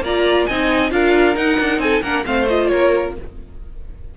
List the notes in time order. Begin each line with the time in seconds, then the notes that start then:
0.00 A#3 F4 D5 A#5
0.46 C4 D#4 D#5 G#5
0.90 D4 F4 A#4 F5
1.36 D#4 F#5
1.60 D4
1.78 C4 A4 G#5
2.02 A#3 D4 A#4 F#5
2.25 A3 C4 C5 F5
2.49 F4 D#5
2.67 A#3 A#4 C#5